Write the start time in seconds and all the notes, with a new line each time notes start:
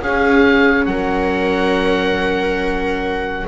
0.00 C#4 G#4 F5
0.86 F#3 A#4 F#5